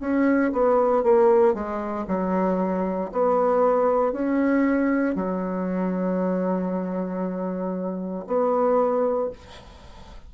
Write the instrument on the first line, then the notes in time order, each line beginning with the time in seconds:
bassoon
0.00 C#4
0.52 B3
1.03 A#3
1.54 G#3
2.07 F#3
3.12 B3
4.12 C#4
5.15 F#3
8.27 B3